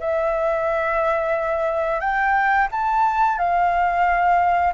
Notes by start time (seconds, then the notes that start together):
0.00 E5
2.01 G5
2.72 A5
3.38 F5